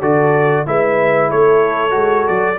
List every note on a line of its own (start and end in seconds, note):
0.00 0.66 D3
0.00 0.66 F#4
0.00 0.65 A4
0.00 0.66 D5
0.66 1.31 G#3
0.66 1.90 E4
0.66 1.30 B4
0.66 1.31 E5
1.30 1.95 A3
1.30 2.58 A4
1.30 2.28 C#5
1.90 2.28 G#3
1.90 2.55 F#4
2.28 2.58 F#3
2.28 2.58 D5